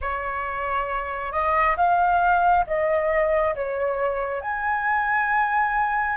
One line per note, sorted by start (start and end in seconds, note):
0.01 1.32 C#5
1.32 1.76 D#5
1.76 2.65 F5
2.66 3.55 D#5
3.55 4.41 C#5
4.41 6.16 G#5